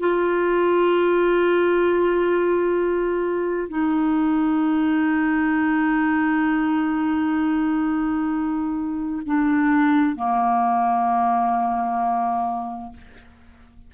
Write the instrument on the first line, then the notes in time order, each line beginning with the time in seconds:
clarinet
0.00 F4
3.68 D#4
9.26 D4
10.16 A#3